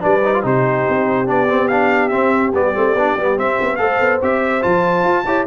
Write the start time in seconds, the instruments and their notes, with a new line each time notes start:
0.00 tuba G3, trombone D4, horn B4, trumpet D5
0.24 trombone D#4
0.34 trombone F4
0.43 tuba C3, trombone D#4, horn G4, trumpet C5
0.89 tuba C4
1.26 tuba B3, trombone D4, trumpet D5
1.49 trombone C4
1.68 trombone D4, trumpet F5
2.09 trombone C4, tuba C4, trumpet E5
2.54 tuba G3, trombone B3, trumpet D5
2.75 tuba A3, trombone C4
2.94 tuba B3, trombone D4
3.17 tuba G3, trombone B3
3.37 trombone C4, tuba C4, trumpet E5
3.61 tuba B3
3.76 tuba A3, trombone A4, horn C5, trumpet F5
4.00 tuba B3
4.22 tuba C4, trombone G4, trumpet E5
4.61 tuba F3, trombone F4, trumpet A5
5.03 tuba F4
5.25 tuba E4, trombone G4, horn C#5